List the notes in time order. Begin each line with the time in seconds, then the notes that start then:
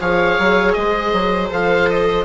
0.00 F3 G#4 C#5 F5
0.38 F#3
0.72 G#3 C5 D#5
1.12 F#3
1.50 F3 A4 F5
1.89 D#5